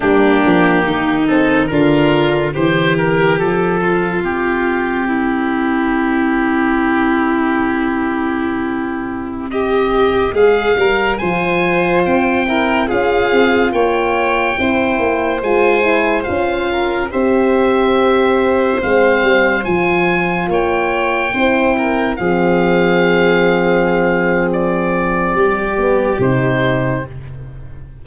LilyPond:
<<
  \new Staff \with { instrumentName = "oboe" } { \time 4/4 \tempo 4 = 71 g'4. a'8 ais'4 c''8 ais'8 | a'4 g'2.~ | g'2.~ g'16 dis''8.~ | dis''16 f''4 gis''4 g''4 f''8.~ |
f''16 g''2 gis''4 f''8.~ | f''16 e''2 f''4 gis''8.~ | gis''16 g''2 f''4.~ f''16~ | f''4 d''2 c''4 | }
  \new Staff \with { instrumentName = "violin" } { \time 4/4 d'4 dis'4 f'4 g'4~ | g'8 f'4. e'2~ | e'2.~ e'16 g'8.~ | g'16 gis'8 ais'8 c''4. ais'8 gis'8.~ |
gis'16 cis''4 c''2~ c''8 ais'16~ | ais'16 c''2.~ c''8.~ | c''16 cis''4 c''8 ais'8 gis'4.~ gis'16~ | gis'2 g'2 | }
  \new Staff \with { instrumentName = "horn" } { \time 4/4 ais4. c'8 d'4 c'4~ | c'1~ | c'1~ | c'4~ c'16 f'4. e'8 f'8.~ |
f'4~ f'16 e'4 f'8 e'8 f'8.~ | f'16 g'2 c'4 f'8.~ | f'4~ f'16 e'4 c'4.~ c'16~ | c'2~ c'8 b8 dis'4 | }
  \new Staff \with { instrumentName = "tuba" } { \time 4/4 g8 f8 dis4 d4 e4 | f4 c'2.~ | c'1~ | c'16 gis8 g8 f4 c'4 cis'8 c'16~ |
c'16 ais4 c'8 ais8 gis4 cis'8.~ | cis'16 c'2 gis8 g8 f8.~ | f16 ais4 c'4 f4.~ f16~ | f2 g4 c4 | }
>>